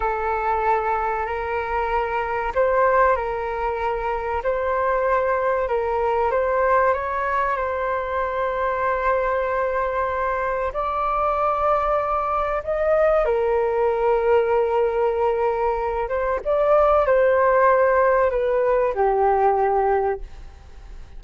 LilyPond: \new Staff \with { instrumentName = "flute" } { \time 4/4 \tempo 4 = 95 a'2 ais'2 | c''4 ais'2 c''4~ | c''4 ais'4 c''4 cis''4 | c''1~ |
c''4 d''2. | dis''4 ais'2.~ | ais'4. c''8 d''4 c''4~ | c''4 b'4 g'2 | }